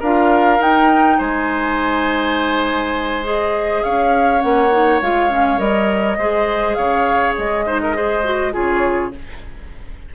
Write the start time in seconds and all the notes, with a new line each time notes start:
0.00 D4 F4 A#4 F5
0.60 D#4 G5
1.19 G#3 C5 G#5
3.24 G#4 D#5
3.84 C#4 C#5 F5
4.40 A#3 C#4 F#5
4.72 D#4
5.02 G#3 F4 F5
5.30 C#4
5.59 G3 A#4 D#5
6.18 G#3 G#4 C5
6.75 C#3 C#5 F5
7.38 G#3 D#5
7.66 D#4 C5
7.83 A#4
7.95 G#4 C5
8.25 F#4
8.53 C#3 F4 G#4 C#5